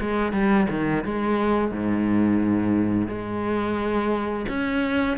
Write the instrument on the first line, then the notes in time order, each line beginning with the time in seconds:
cello
0.00 G#3
0.32 G3
0.70 D#3
1.04 G#3
1.71 G#2
3.08 G#3
4.48 C#4